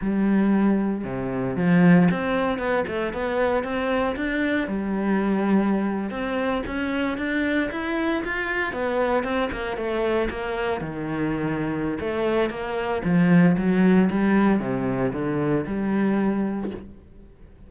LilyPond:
\new Staff \with { instrumentName = "cello" } { \time 4/4 \tempo 4 = 115 g2 c4 f4 | c'4 b8 a8 b4 c'4 | d'4 g2~ g8. c'16~ | c'8. cis'4 d'4 e'4 f'16~ |
f'8. b4 c'8 ais8 a4 ais16~ | ais8. dis2~ dis16 a4 | ais4 f4 fis4 g4 | c4 d4 g2 | }